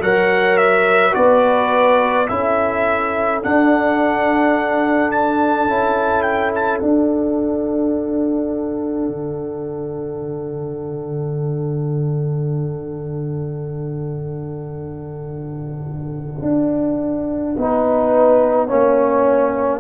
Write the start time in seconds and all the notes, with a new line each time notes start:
0.00 F#3 A#4 C#5 F#5
0.57 E5
1.12 B3 F#4 B4 D5
2.28 C#4 E4 A4 E5
3.42 D4 F#5
5.11 A5
5.67 C#4 E4
6.22 G5
6.54 A5
6.78 D4 F#5
9.08 D3
16.42 D4
17.57 B3 D#4 B4
18.67 A#3 C#4 C#5